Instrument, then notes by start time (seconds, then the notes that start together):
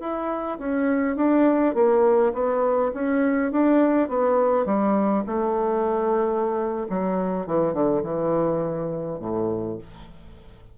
bassoon
0.00 E4
0.59 C#4
1.17 D4
1.75 A#3
2.34 B3
2.94 C#4
3.52 D4
4.09 B3
4.66 G3
5.27 A3
6.89 F#3
7.46 E3
7.73 D3
8.03 E3
9.20 A2